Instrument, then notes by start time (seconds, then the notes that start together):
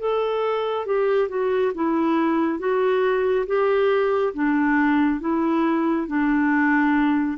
clarinet
0.00 A4
0.86 G4
1.29 F#4
1.75 E4
2.59 F#4
3.47 G4
4.34 D4
5.21 E4
6.08 D4